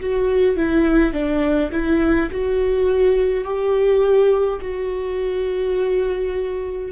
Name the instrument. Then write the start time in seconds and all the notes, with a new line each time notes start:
viola
0.00 F#4
0.57 E4
1.13 D4
1.72 E4
2.31 F#4
3.44 G4
4.60 F#4